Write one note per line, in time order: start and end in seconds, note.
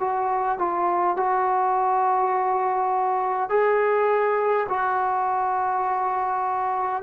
0.00 0.59 F#4
0.59 1.17 F4
1.17 3.50 F#4
3.50 4.67 G#4
4.70 7.03 F#4